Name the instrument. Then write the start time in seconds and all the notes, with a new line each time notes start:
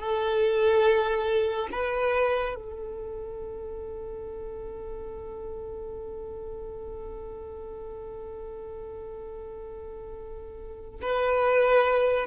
violin
0.00 A4
1.72 B4
2.56 A4
11.02 B4